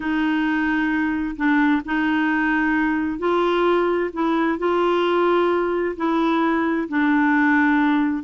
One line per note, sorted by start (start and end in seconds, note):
0.00 1.35 D#4
1.36 1.82 D4
1.85 3.18 D#4
3.18 4.10 F4
4.13 4.58 E4
4.58 5.95 F4
5.96 6.88 E4
6.88 8.23 D4